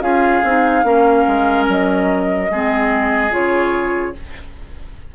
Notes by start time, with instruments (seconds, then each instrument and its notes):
0.00 bassoon C#4, clarinet F4, oboe G#4, flute F5
0.44 bassoon C4, clarinet D#4
0.83 bassoon A#3, clarinet C#4, oboe A#4
1.27 bassoon G#3
1.68 bassoon F#3, flute D#5
2.51 bassoon G#3, clarinet C4, oboe G#4
3.31 bassoon C#3, clarinet F4, flute C#5